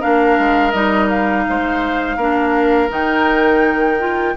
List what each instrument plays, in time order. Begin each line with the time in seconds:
0.00 bassoon A#3, clarinet D4, oboe A#4, flute F5
0.39 bassoon G#3
0.72 bassoon G3, clarinet D#4, flute D#5
1.10 flute F5
1.49 bassoon G#3, oboe C5
2.17 bassoon A#3, clarinet D4, oboe A#4
2.89 bassoon D#3, clarinet D#4, flute G5
3.99 clarinet F4